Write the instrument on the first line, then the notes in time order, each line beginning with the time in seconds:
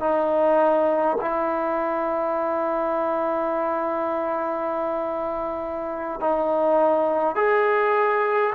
trombone
0.00 D#4
1.21 E4
6.20 D#4
7.36 G#4